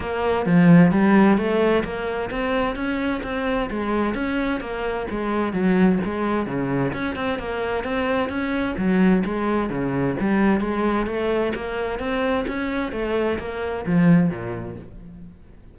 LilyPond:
\new Staff \with { instrumentName = "cello" } { \time 4/4 \tempo 4 = 130 ais4 f4 g4 a4 | ais4 c'4 cis'4 c'4 | gis4 cis'4 ais4 gis4 | fis4 gis4 cis4 cis'8 c'8 |
ais4 c'4 cis'4 fis4 | gis4 cis4 g4 gis4 | a4 ais4 c'4 cis'4 | a4 ais4 f4 ais,4 | }